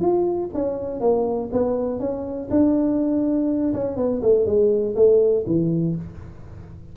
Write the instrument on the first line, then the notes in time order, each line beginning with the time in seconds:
tuba
0.00 F4
0.53 C#4
1.00 A#3
1.52 B3
1.99 C#4
2.50 D4
3.73 C#4
3.96 B3
4.21 A3
4.46 G#3
4.95 A3
5.46 E3